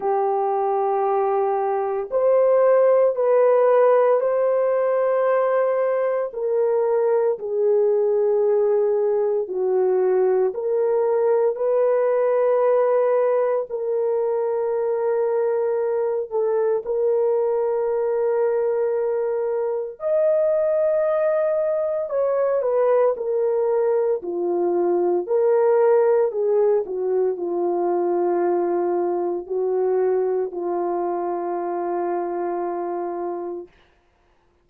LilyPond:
\new Staff \with { instrumentName = "horn" } { \time 4/4 \tempo 4 = 57 g'2 c''4 b'4 | c''2 ais'4 gis'4~ | gis'4 fis'4 ais'4 b'4~ | b'4 ais'2~ ais'8 a'8 |
ais'2. dis''4~ | dis''4 cis''8 b'8 ais'4 f'4 | ais'4 gis'8 fis'8 f'2 | fis'4 f'2. | }